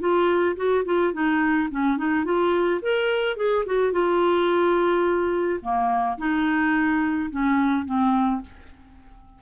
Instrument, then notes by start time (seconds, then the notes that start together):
clarinet
0.00 F4
0.57 F#4
0.85 F4
1.13 D#4
1.71 C#4
1.98 D#4
2.25 F4
2.82 A#4
3.37 G#4
3.66 F#4
3.93 F4
5.62 A#3
6.18 D#4
7.31 C#4
7.86 C4